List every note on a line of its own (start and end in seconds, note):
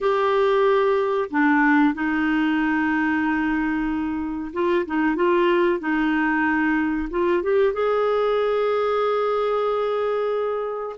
0.01 1.30 G4
1.30 1.94 D4
1.94 4.52 D#4
4.53 4.85 F4
4.86 5.15 D#4
5.15 5.79 F4
5.79 7.08 D#4
7.10 7.42 F4
7.42 7.73 G4
7.73 10.96 G#4